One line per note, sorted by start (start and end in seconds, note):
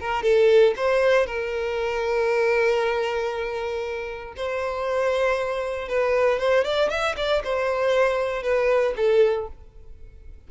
0.00 0.23 A#4
0.23 0.74 A4
0.76 1.26 C5
1.26 4.34 A#4
4.36 5.88 C5
5.88 6.39 B4
6.39 6.64 C5
6.64 6.90 D5
6.90 7.15 E5
7.17 7.42 D5
7.44 8.43 C5
8.43 8.94 B4
8.96 9.47 A4